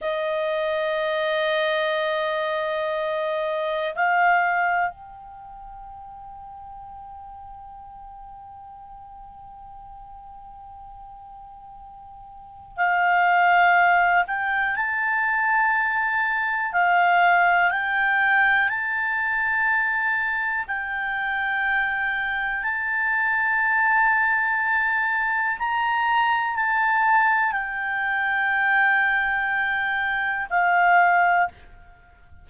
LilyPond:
\new Staff \with { instrumentName = "clarinet" } { \time 4/4 \tempo 4 = 61 dis''1 | f''4 g''2.~ | g''1~ | g''4 f''4. g''8 a''4~ |
a''4 f''4 g''4 a''4~ | a''4 g''2 a''4~ | a''2 ais''4 a''4 | g''2. f''4 | }